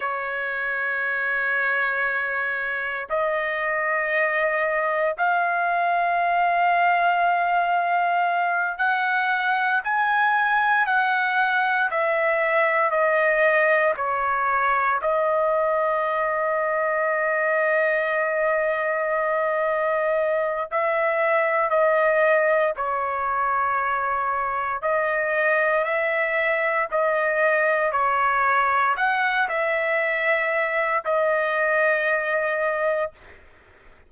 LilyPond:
\new Staff \with { instrumentName = "trumpet" } { \time 4/4 \tempo 4 = 58 cis''2. dis''4~ | dis''4 f''2.~ | f''8 fis''4 gis''4 fis''4 e''8~ | e''8 dis''4 cis''4 dis''4.~ |
dis''1 | e''4 dis''4 cis''2 | dis''4 e''4 dis''4 cis''4 | fis''8 e''4. dis''2 | }